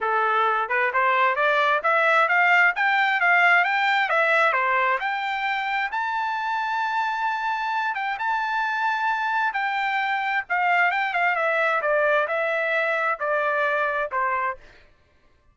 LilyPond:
\new Staff \with { instrumentName = "trumpet" } { \time 4/4 \tempo 4 = 132 a'4. b'8 c''4 d''4 | e''4 f''4 g''4 f''4 | g''4 e''4 c''4 g''4~ | g''4 a''2.~ |
a''4. g''8 a''2~ | a''4 g''2 f''4 | g''8 f''8 e''4 d''4 e''4~ | e''4 d''2 c''4 | }